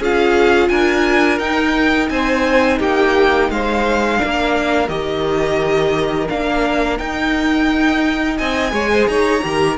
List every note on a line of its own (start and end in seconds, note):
0.00 0.70 C#4
0.00 1.40 F4
0.00 0.70 G#4
0.00 0.69 F5
0.69 1.40 D4
0.69 2.11 A#4
0.69 1.39 G#5
1.39 2.09 D#4
1.39 4.18 D#4
1.39 2.09 G5
2.09 2.80 C4
2.09 2.80 C5
2.09 2.79 G#5
2.80 3.50 A#3
2.80 3.49 G4
2.80 3.51 G5
3.50 4.20 G#3
3.50 4.20 C5
3.50 4.89 F5
4.18 4.88 D4
4.18 8.38 A#4
4.25 4.89 A#3
4.89 6.28 D#3
4.89 6.29 G4
4.89 6.28 D#5
6.30 7.00 A#3
6.30 6.99 D4
6.30 6.99 F5
6.99 8.71 D#4
6.99 8.39 D#4
6.99 8.38 G5
8.38 8.73 C4
8.38 8.73 D#5
8.38 9.08 G#5
8.71 9.08 G#3
8.71 9.40 G#4
8.71 8.91 C#5
8.92 9.10 C5
9.08 9.43 D#4
9.08 9.45 C#5
9.08 9.78 A#5
9.42 9.78 D#3
9.42 9.77 G4
9.42 9.78 A#4